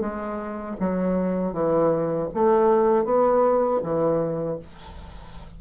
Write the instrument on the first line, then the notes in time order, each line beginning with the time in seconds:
bassoon
0.00 G#3
0.79 F#3
1.53 E3
2.34 A3
3.04 B3
3.83 E3